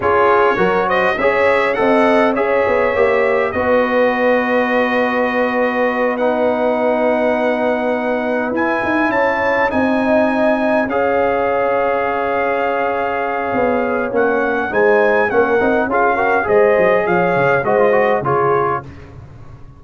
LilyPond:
<<
  \new Staff \with { instrumentName = "trumpet" } { \time 4/4 \tempo 4 = 102 cis''4. dis''8 e''4 fis''4 | e''2 dis''2~ | dis''2~ dis''8 fis''4.~ | fis''2~ fis''8 gis''4 a''8~ |
a''8 gis''2 f''4.~ | f''1 | fis''4 gis''4 fis''4 f''4 | dis''4 f''4 dis''4 cis''4 | }
  \new Staff \with { instrumentName = "horn" } { \time 4/4 gis'4 ais'8 c''8 cis''4 dis''4 | cis''2 b'2~ | b'1~ | b'2.~ b'8 cis''8~ |
cis''8 dis''2 cis''4.~ | cis''1~ | cis''4 c''4 ais'4 gis'8 ais'8 | c''4 cis''4 c''4 gis'4 | }
  \new Staff \with { instrumentName = "trombone" } { \time 4/4 f'4 fis'4 gis'4 a'4 | gis'4 g'4 fis'2~ | fis'2~ fis'8 dis'4.~ | dis'2~ dis'8 e'4.~ |
e'8 dis'2 gis'4.~ | gis'1 | cis'4 dis'4 cis'8 dis'8 f'8 fis'8 | gis'2 fis'16 f'16 fis'8 f'4 | }
  \new Staff \with { instrumentName = "tuba" } { \time 4/4 cis'4 fis4 cis'4 c'4 | cis'8 b8 ais4 b2~ | b1~ | b2~ b8 e'8 dis'8 cis'8~ |
cis'8 c'2 cis'4.~ | cis'2. b4 | ais4 gis4 ais8 c'8 cis'4 | gis8 fis8 f8 cis8 gis4 cis4 | }
>>